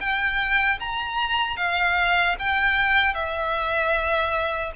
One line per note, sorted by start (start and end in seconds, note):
0.00 0.79 G5
0.80 1.57 A#5
1.57 2.36 F5
2.39 3.14 G5
3.14 4.72 E5